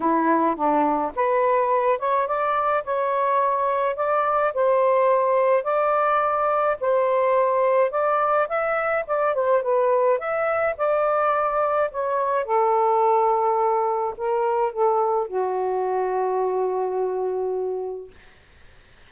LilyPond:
\new Staff \with { instrumentName = "saxophone" } { \time 4/4 \tempo 4 = 106 e'4 d'4 b'4. cis''8 | d''4 cis''2 d''4 | c''2 d''2 | c''2 d''4 e''4 |
d''8 c''8 b'4 e''4 d''4~ | d''4 cis''4 a'2~ | a'4 ais'4 a'4 fis'4~ | fis'1 | }